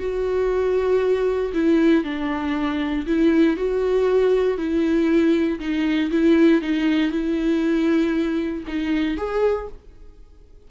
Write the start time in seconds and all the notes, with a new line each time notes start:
0.00 F#4
1.54 E4
2.04 D4
3.07 E4
3.57 F#4
4.58 E4
5.60 D#4
6.11 E4
6.62 D#4
7.11 E4
8.67 D#4
9.17 G#4